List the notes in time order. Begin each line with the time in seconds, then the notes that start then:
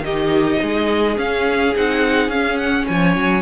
0.00 D#3 D#4 G4 D#5
0.62 G#3 G#4
1.16 C#4 F5
1.75 C4 D#4 F#5
2.28 C#4 F5
2.57 F#5
2.87 F3 C#5 G#5
3.16 F#3